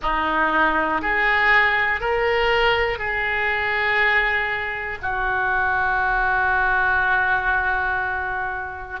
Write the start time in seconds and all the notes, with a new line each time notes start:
0.02 D#4
1.01 G#4
2.00 A#4
2.98 G#4
5.02 F#4